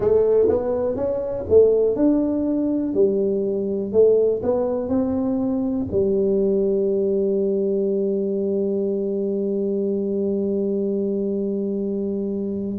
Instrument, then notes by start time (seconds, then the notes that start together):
tuba
0.00 A3
0.48 B3
0.96 C#4
1.49 A3
1.95 D4
2.94 G3
3.92 A3
4.43 B3
4.88 C4
5.91 G3